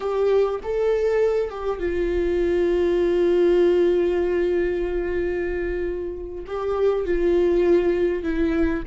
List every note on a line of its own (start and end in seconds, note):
0.00 0.60 G4
0.63 1.50 A4
1.50 1.79 G4
1.79 6.44 F4
6.46 7.05 G4
7.05 8.23 F4
8.23 8.83 E4